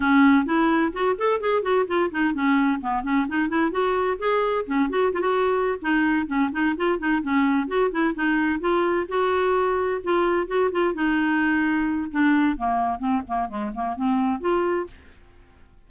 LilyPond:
\new Staff \with { instrumentName = "clarinet" } { \time 4/4 \tempo 4 = 129 cis'4 e'4 fis'8 a'8 gis'8 fis'8 | f'8 dis'8 cis'4 b8 cis'8 dis'8 e'8 | fis'4 gis'4 cis'8 fis'8 f'16 fis'8.~ | fis'8 dis'4 cis'8 dis'8 f'8 dis'8 cis'8~ |
cis'8 fis'8 e'8 dis'4 f'4 fis'8~ | fis'4. f'4 fis'8 f'8 dis'8~ | dis'2 d'4 ais4 | c'8 ais8 gis8 ais8 c'4 f'4 | }